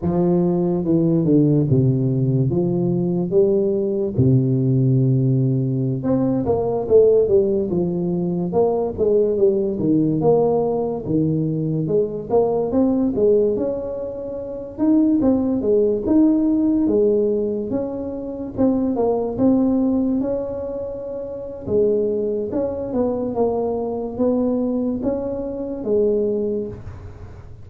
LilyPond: \new Staff \with { instrumentName = "tuba" } { \time 4/4 \tempo 4 = 72 f4 e8 d8 c4 f4 | g4 c2~ c16 c'8 ais16~ | ais16 a8 g8 f4 ais8 gis8 g8 dis16~ | dis16 ais4 dis4 gis8 ais8 c'8 gis16~ |
gis16 cis'4. dis'8 c'8 gis8 dis'8.~ | dis'16 gis4 cis'4 c'8 ais8 c'8.~ | c'16 cis'4.~ cis'16 gis4 cis'8 b8 | ais4 b4 cis'4 gis4 | }